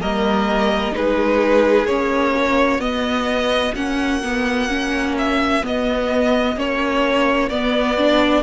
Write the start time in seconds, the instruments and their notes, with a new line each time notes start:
0.00 cello G3, viola A#3, violin A#4 D#5
0.92 cello G#3, viola D#4, violin G#4 B4
1.86 cello A#3, viola C#4, violin C#5
2.35 violin F#4
2.78 cello B3, viola B3, violin D#5
3.74 cello A#3, viola C#4, violin F#5
4.23 viola B3
4.68 viola C#4
5.18 violin E5
5.62 viola B3, cello B3, violin D#5
6.55 cello A#3, viola C#4, violin C#5
7.49 cello B3, viola B3, violin D5
7.97 viola D4